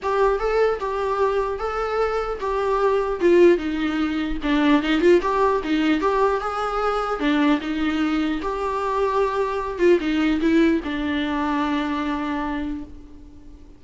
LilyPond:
\new Staff \with { instrumentName = "viola" } { \time 4/4 \tempo 4 = 150 g'4 a'4 g'2 | a'2 g'2 | f'4 dis'2 d'4 | dis'8 f'8 g'4 dis'4 g'4 |
gis'2 d'4 dis'4~ | dis'4 g'2.~ | g'8 f'8 dis'4 e'4 d'4~ | d'1 | }